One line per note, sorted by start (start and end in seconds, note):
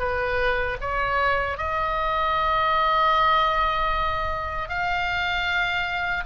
0.00 0.78 B4
0.81 1.58 C#5
1.58 4.69 D#5
4.69 6.25 F5